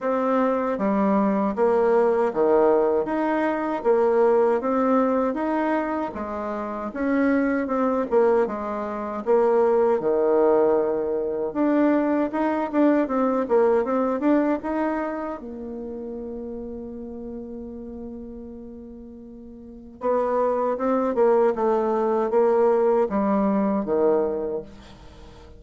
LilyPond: \new Staff \with { instrumentName = "bassoon" } { \time 4/4 \tempo 4 = 78 c'4 g4 ais4 dis4 | dis'4 ais4 c'4 dis'4 | gis4 cis'4 c'8 ais8 gis4 | ais4 dis2 d'4 |
dis'8 d'8 c'8 ais8 c'8 d'8 dis'4 | ais1~ | ais2 b4 c'8 ais8 | a4 ais4 g4 dis4 | }